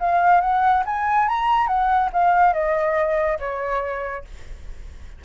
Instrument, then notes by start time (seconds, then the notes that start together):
flute
0.00 F5
0.41 F#5
0.86 G#5
1.29 A#5
1.68 F#5
2.13 F5
2.54 D#5
3.40 C#5